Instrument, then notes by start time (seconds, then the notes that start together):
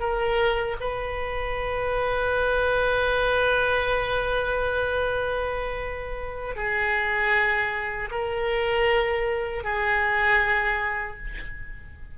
oboe
0.00 A#4
0.81 B4
6.56 G#4
8.11 A#4
9.64 G#4